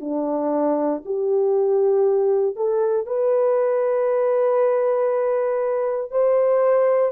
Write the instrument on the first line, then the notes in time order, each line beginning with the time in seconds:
horn
0.00 D4
1.05 G4
2.56 A4
3.06 B4
6.11 C5